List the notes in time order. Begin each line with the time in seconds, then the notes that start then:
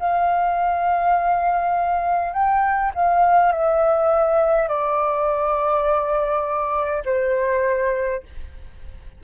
0.00 F5
2.33 G5
2.95 F5
3.52 E5
4.68 D5
7.05 C5